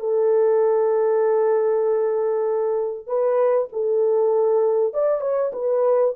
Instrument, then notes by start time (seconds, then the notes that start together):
horn
0.00 A4
3.07 B4
3.73 A4
4.94 D5
5.21 C#5
5.53 B4